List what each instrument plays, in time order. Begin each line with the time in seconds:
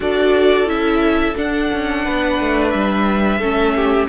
0.00 cello D4, viola F#4, violin A4 D5
0.65 cello C#4, viola E4, violin E5
1.36 viola D4, cello D4, violin F#5
1.72 cello C#4
2.05 cello B3, violin B4
2.40 cello A3
2.69 cello G3, violin E5
3.39 cello A3, viola C#4, violin A4
3.75 violin G4